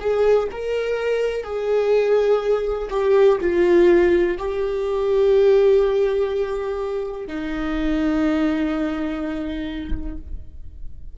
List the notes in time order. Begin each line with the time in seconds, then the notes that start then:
0.00 G#4
0.51 A#4
1.43 G#4
2.90 G4
3.40 F4
4.38 G4
7.27 D#4